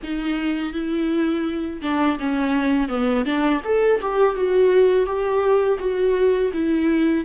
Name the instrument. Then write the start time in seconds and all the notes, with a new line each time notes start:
viola
0.03 D#4
0.72 E4
1.82 D4
2.19 C#4
2.88 B3
3.25 D4
3.64 A4
4.01 G4
4.35 F#4
5.06 G4
5.79 F#4
6.53 E4